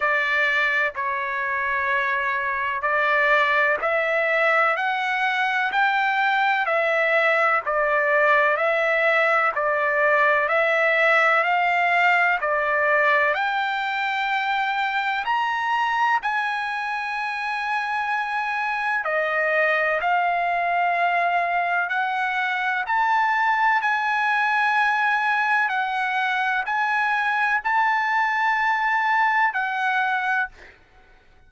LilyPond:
\new Staff \with { instrumentName = "trumpet" } { \time 4/4 \tempo 4 = 63 d''4 cis''2 d''4 | e''4 fis''4 g''4 e''4 | d''4 e''4 d''4 e''4 | f''4 d''4 g''2 |
ais''4 gis''2. | dis''4 f''2 fis''4 | a''4 gis''2 fis''4 | gis''4 a''2 fis''4 | }